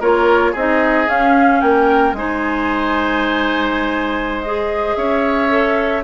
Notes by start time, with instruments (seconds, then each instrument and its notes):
0.00 bassoon A#3, clarinet F4, oboe A#4, flute C#5
0.52 bassoon C4, clarinet D#4, oboe G#4, flute D#5
1.06 clarinet C#4, bassoon C#4, flute F5
1.61 bassoon A#3, oboe A#4, flute G5
2.13 bassoon G#3, clarinet D#4, oboe C5, flute G#5
4.42 clarinet G#4, flute D#5
4.96 bassoon C#4, oboe C#5, flute E5
5.49 clarinet A4